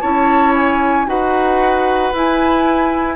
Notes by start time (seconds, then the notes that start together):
0.00 C#4 E4 C#5 A5
0.55 G#5
1.06 D#4 F#4 B4 F#5
2.12 E4 G#5